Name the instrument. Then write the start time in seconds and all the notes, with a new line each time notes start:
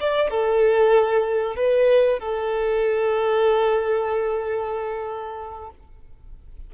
violin
0.00 D5
0.30 A4
1.56 B4
2.19 A4